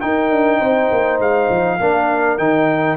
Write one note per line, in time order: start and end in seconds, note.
0.00 1.79 D#4
0.00 0.30 D#4
0.00 0.59 A#4
0.00 1.19 G5
0.30 0.60 D4
0.59 0.90 C4
0.59 1.77 C5
0.91 1.19 A#3
1.19 1.48 G#3
1.19 2.37 F5
1.50 1.79 F3
1.80 2.38 A#3
1.80 2.38 D4
1.80 2.96 A#4
2.37 2.96 D#3
2.37 2.96 D#4
2.37 2.96 G5